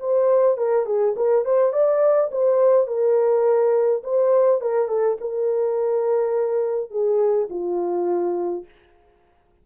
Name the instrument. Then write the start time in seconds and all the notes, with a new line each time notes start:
horn
0.00 C5
0.58 A#4
0.86 G#4
1.17 A#4
1.45 C5
1.73 D5
2.32 C5
2.87 A#4
4.04 C5
4.62 A#4
4.89 A4
5.21 A#4
6.91 G#4
7.50 F4